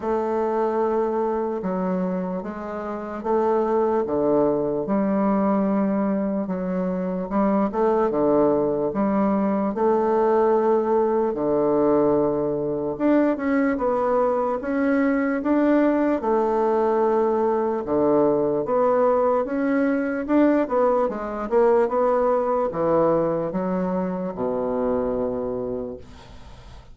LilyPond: \new Staff \with { instrumentName = "bassoon" } { \time 4/4 \tempo 4 = 74 a2 fis4 gis4 | a4 d4 g2 | fis4 g8 a8 d4 g4 | a2 d2 |
d'8 cis'8 b4 cis'4 d'4 | a2 d4 b4 | cis'4 d'8 b8 gis8 ais8 b4 | e4 fis4 b,2 | }